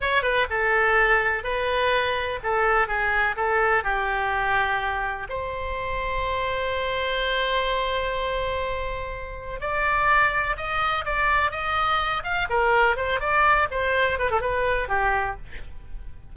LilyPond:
\new Staff \with { instrumentName = "oboe" } { \time 4/4 \tempo 4 = 125 cis''8 b'8 a'2 b'4~ | b'4 a'4 gis'4 a'4 | g'2. c''4~ | c''1~ |
c''1 | d''2 dis''4 d''4 | dis''4. f''8 ais'4 c''8 d''8~ | d''8 c''4 b'16 a'16 b'4 g'4 | }